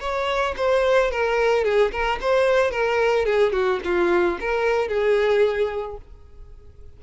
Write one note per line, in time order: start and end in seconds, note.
0.00 0.55 C#5
0.57 1.11 C5
1.11 1.64 A#4
1.64 1.91 G#4
1.92 2.19 A#4
2.21 2.71 C5
2.71 3.25 A#4
3.25 3.53 G#4
3.53 3.80 F#4
3.84 4.39 F4
4.40 4.88 A#4
4.88 5.97 G#4